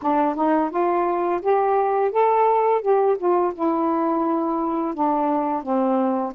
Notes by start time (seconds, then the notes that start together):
0.02 D4
0.35 D#4
0.70 F4
1.41 G4
2.11 A4
2.81 G4
3.18 F4
3.54 E4
4.94 D4
5.62 C4